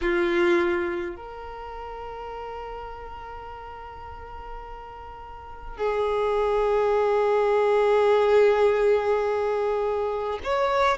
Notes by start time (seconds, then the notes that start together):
0.01 F4
1.15 A#4
5.77 G#4
10.43 C#5